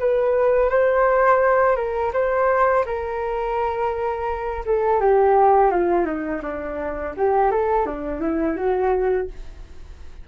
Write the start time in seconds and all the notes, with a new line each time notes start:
0.00 B4
0.70 C5
1.77 A#4
2.14 C5
2.86 A#4
4.66 A4
5.01 G4
5.71 F4
6.06 D#4
6.43 D4
7.18 G4
7.52 A4
7.87 D4
8.21 E4
8.57 F#4